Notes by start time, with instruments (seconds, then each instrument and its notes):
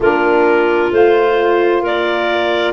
0.00 tuba A#3, saxophone D4, clarinet F4 A#4
0.91 tuba A3, saxophone F4, clarinet C5
1.81 tuba A#3, clarinet A#4 D5